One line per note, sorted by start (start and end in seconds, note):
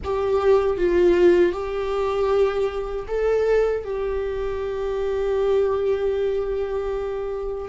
0.03 0.77 G4
0.77 1.52 F4
1.52 3.06 G4
3.07 3.84 A4
3.84 7.68 G4